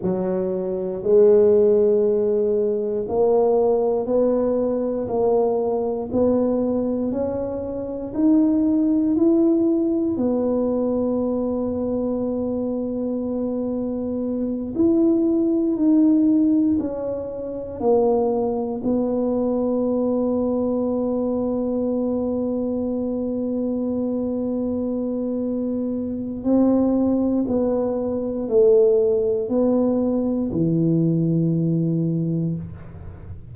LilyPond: \new Staff \with { instrumentName = "tuba" } { \time 4/4 \tempo 4 = 59 fis4 gis2 ais4 | b4 ais4 b4 cis'4 | dis'4 e'4 b2~ | b2~ b8 e'4 dis'8~ |
dis'8 cis'4 ais4 b4.~ | b1~ | b2 c'4 b4 | a4 b4 e2 | }